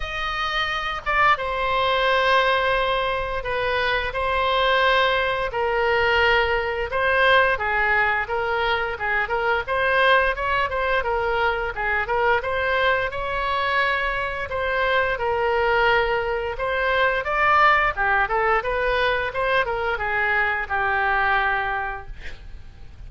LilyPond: \new Staff \with { instrumentName = "oboe" } { \time 4/4 \tempo 4 = 87 dis''4. d''8 c''2~ | c''4 b'4 c''2 | ais'2 c''4 gis'4 | ais'4 gis'8 ais'8 c''4 cis''8 c''8 |
ais'4 gis'8 ais'8 c''4 cis''4~ | cis''4 c''4 ais'2 | c''4 d''4 g'8 a'8 b'4 | c''8 ais'8 gis'4 g'2 | }